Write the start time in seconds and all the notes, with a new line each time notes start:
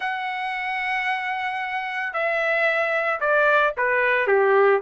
0.00 F#5
2.13 E5
3.20 D5
3.77 B4
4.27 G4